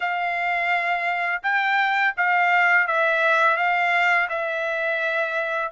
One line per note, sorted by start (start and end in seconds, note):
0.00 1.42 F5
1.43 2.14 G5
2.17 2.87 F5
2.87 3.56 E5
3.56 4.28 F5
4.29 5.72 E5